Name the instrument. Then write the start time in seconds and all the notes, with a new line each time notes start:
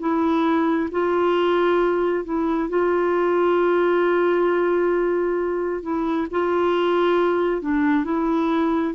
clarinet
0.00 E4
0.92 F4
2.25 E4
2.69 F4
5.83 E4
6.31 F4
7.62 D4
8.05 E4